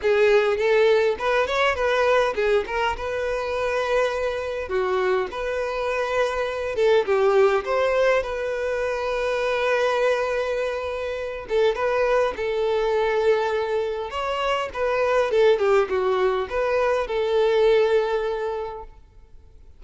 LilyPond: \new Staff \with { instrumentName = "violin" } { \time 4/4 \tempo 4 = 102 gis'4 a'4 b'8 cis''8 b'4 | gis'8 ais'8 b'2. | fis'4 b'2~ b'8 a'8 | g'4 c''4 b'2~ |
b'2.~ b'8 a'8 | b'4 a'2. | cis''4 b'4 a'8 g'8 fis'4 | b'4 a'2. | }